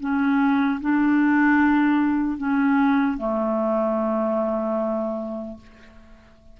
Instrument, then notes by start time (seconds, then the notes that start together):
clarinet
0.00 C#4
0.81 D4
2.37 C#4
3.17 A3